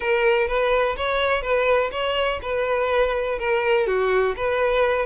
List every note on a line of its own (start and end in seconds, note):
0.00 0.47 A#4
0.47 0.96 B4
0.97 1.42 C#5
1.42 1.90 B4
1.91 2.40 C#5
2.41 3.38 B4
3.38 3.87 A#4
3.87 4.35 F#4
4.36 5.06 B4